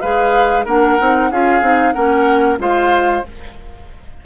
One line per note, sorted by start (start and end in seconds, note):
0.00 0.65 G#3
0.00 0.66 G#4
0.00 0.65 B4
0.00 0.65 F5
0.65 0.98 A#3
0.65 0.99 D4
0.65 1.29 A#4
0.65 1.31 F#5
0.99 1.31 C4
0.99 1.31 D#4
1.31 1.61 C#4
1.31 1.61 F4
1.31 1.94 G#4
1.31 1.92 F5
1.61 1.93 C4
1.61 1.94 D#4
1.92 2.58 A#3
1.92 2.58 C#4
1.92 2.58 A#4
1.92 2.57 F#5
2.58 3.23 G#3
2.58 3.22 F4
2.58 3.25 C5
2.58 3.25 F5